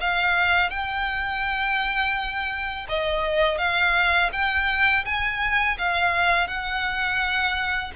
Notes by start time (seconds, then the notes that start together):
0.00 F5
0.70 G5
2.88 D#5
3.58 F5
4.32 G5
5.05 G#5
5.78 F5
6.47 F#5